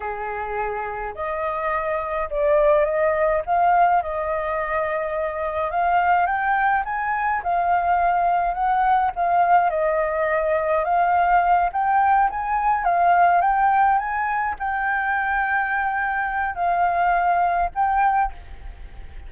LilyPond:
\new Staff \with { instrumentName = "flute" } { \time 4/4 \tempo 4 = 105 gis'2 dis''2 | d''4 dis''4 f''4 dis''4~ | dis''2 f''4 g''4 | gis''4 f''2 fis''4 |
f''4 dis''2 f''4~ | f''8 g''4 gis''4 f''4 g''8~ | g''8 gis''4 g''2~ g''8~ | g''4 f''2 g''4 | }